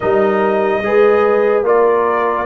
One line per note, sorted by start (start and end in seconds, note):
0.00 0.82 G3
0.00 0.83 D#4
0.00 0.82 A#4
0.00 1.62 D#5
0.82 1.62 G#3
0.82 1.65 G#4
0.82 1.66 B4
1.62 2.44 A#3
1.62 2.46 F4
1.62 2.46 A#4
1.62 2.46 D5